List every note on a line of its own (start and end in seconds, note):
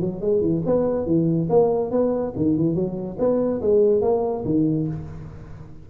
0.00 0.20 F#3
0.20 0.40 G#3
0.40 0.61 E3
0.65 1.06 B3
1.06 1.48 E3
1.49 1.91 A#3
1.91 2.33 B3
2.36 2.57 D#3
2.57 2.74 E3
2.74 3.17 F#3
3.18 3.61 B3
3.61 4.01 G#3
4.01 4.43 A#3
4.45 4.87 D#3